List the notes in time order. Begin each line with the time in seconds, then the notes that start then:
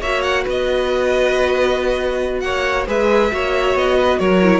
0.00 A#3 F#4 C#5 E5
0.22 F#5
0.43 B3 B4
0.49 D#5
2.40 A#3 C#5 F#5
2.87 G#3 G#4 B4 E5
3.31 A#3 F#4 C#5
3.75 B3 D#5
3.97 B4
4.19 F#3 A#4 C#5
4.42 E4